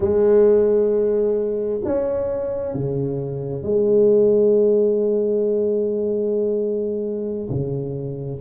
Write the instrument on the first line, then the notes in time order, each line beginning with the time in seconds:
tuba
0.00 G#3
1.84 C#4
2.74 C#3
3.62 G#3
7.50 C#3